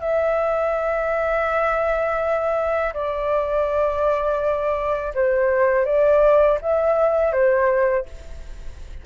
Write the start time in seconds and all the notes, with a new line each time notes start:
0.00 E5
2.93 D5
5.14 C5
5.85 D5
6.61 E5
7.32 C5